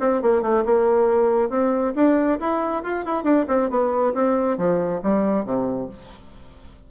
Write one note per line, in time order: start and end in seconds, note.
0.00 0.22 C4
0.22 0.42 A#3
0.42 0.64 A3
0.65 1.50 A#3
1.50 1.93 C4
1.95 2.39 D4
2.40 2.83 E4
2.83 3.05 F4
3.05 3.23 E4
3.23 3.45 D4
3.48 3.70 C4
3.70 4.13 B3
4.14 4.57 C4
4.57 5.01 F3
5.03 5.45 G3
5.45 5.89 C3